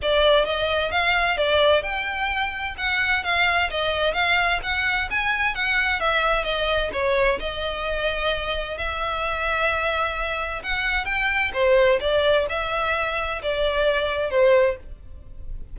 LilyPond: \new Staff \with { instrumentName = "violin" } { \time 4/4 \tempo 4 = 130 d''4 dis''4 f''4 d''4 | g''2 fis''4 f''4 | dis''4 f''4 fis''4 gis''4 | fis''4 e''4 dis''4 cis''4 |
dis''2. e''4~ | e''2. fis''4 | g''4 c''4 d''4 e''4~ | e''4 d''2 c''4 | }